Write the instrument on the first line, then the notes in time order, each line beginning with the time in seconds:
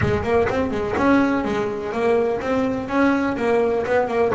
double bass
0.01 G#3
0.23 A#3
0.49 C4
0.70 G#3
0.97 C#4
1.44 G#3
1.92 A#3
2.40 C4
2.88 C#4
3.36 A#3
3.86 B3
4.08 A#3